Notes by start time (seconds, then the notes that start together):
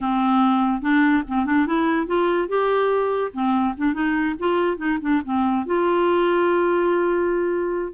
0.01 C4
0.81 D4
1.27 C4
1.45 D4
1.66 E4
2.06 F4
2.48 G4
3.33 C4
3.77 D4
3.93 D#4
4.39 F4
4.77 D#4
5.01 D4
5.24 C4
5.66 F4